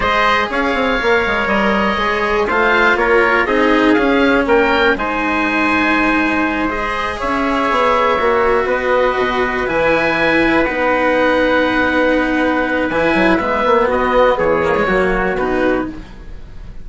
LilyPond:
<<
  \new Staff \with { instrumentName = "oboe" } { \time 4/4 \tempo 4 = 121 dis''4 f''2 dis''4~ | dis''4 f''4 cis''4 dis''4 | f''4 g''4 gis''2~ | gis''4. dis''4 e''4.~ |
e''4. dis''2 gis''8~ | gis''4. fis''2~ fis''8~ | fis''2 gis''4 e''4 | dis''4 cis''2 b'4 | }
  \new Staff \with { instrumentName = "trumpet" } { \time 4/4 c''4 cis''2.~ | cis''4 c''4 ais'4 gis'4~ | gis'4 ais'4 c''2~ | c''2~ c''8 cis''4.~ |
cis''4. b'2~ b'8~ | b'1~ | b'1 | fis'4 gis'4 fis'2 | }
  \new Staff \with { instrumentName = "cello" } { \time 4/4 gis'2 ais'2 | gis'4 f'2 dis'4 | cis'2 dis'2~ | dis'4. gis'2~ gis'8~ |
gis'8 fis'2. e'8~ | e'4. dis'2~ dis'8~ | dis'2 e'4 b4~ | b4. ais16 gis16 ais4 dis'4 | }
  \new Staff \with { instrumentName = "bassoon" } { \time 4/4 gis4 cis'8 c'8 ais8 gis8 g4 | gis4 a4 ais4 c'4 | cis'4 ais4 gis2~ | gis2~ gis8 cis'4 b8~ |
b8 ais4 b4 b,4 e8~ | e4. b2~ b8~ | b2 e8 fis8 gis8 ais8 | b4 e4 fis4 b,4 | }
>>